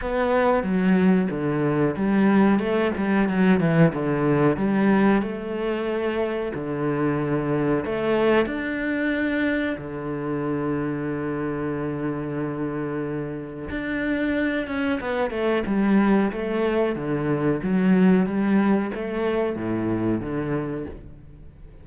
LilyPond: \new Staff \with { instrumentName = "cello" } { \time 4/4 \tempo 4 = 92 b4 fis4 d4 g4 | a8 g8 fis8 e8 d4 g4 | a2 d2 | a4 d'2 d4~ |
d1~ | d4 d'4. cis'8 b8 a8 | g4 a4 d4 fis4 | g4 a4 a,4 d4 | }